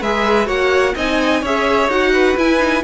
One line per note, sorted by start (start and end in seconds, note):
0.00 0.47 G#3
0.00 0.46 G#4
0.00 0.47 B4
0.00 0.48 E5
0.46 0.95 A#3
0.46 0.93 F#4
0.46 0.94 C#5
0.46 0.95 F#5
0.95 1.42 C4
0.95 1.44 D#4
0.95 1.41 D#5
0.95 1.44 G#5
1.41 1.88 C#4
1.41 1.90 G#4
1.41 2.12 C#5
1.41 1.90 E5
1.88 2.35 D#4
1.88 2.37 F#4
1.88 2.37 F#5
2.12 2.83 B4
2.37 2.58 E4
2.37 2.83 E4
2.37 2.83 G#5
2.58 2.81 D#4